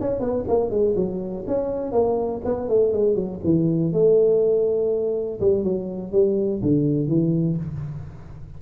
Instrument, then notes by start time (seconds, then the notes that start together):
tuba
0.00 C#4
0.20 B3
0.48 A#3
0.70 G#3
0.96 F#3
1.47 C#4
1.92 A#3
2.45 B3
2.68 A3
2.92 G#3
3.15 F#3
3.44 E3
3.92 A3
5.40 G3
5.63 F#3
6.12 G3
6.62 D3
7.08 E3